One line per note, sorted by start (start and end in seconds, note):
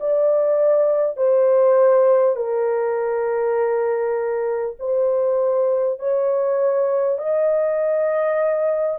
0.00 1.17 D5
1.17 2.36 C5
2.36 4.76 A#4
4.79 5.99 C5
5.99 7.18 C#5
7.18 8.98 D#5